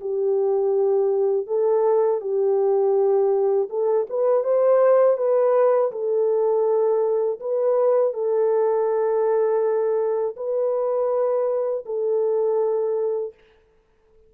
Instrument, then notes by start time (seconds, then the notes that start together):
horn
0.00 G4
1.46 A4
2.20 G4
3.69 A4
4.09 B4
4.43 C5
5.17 B4
5.91 A4
7.40 B4
8.13 A4
10.36 B4
11.85 A4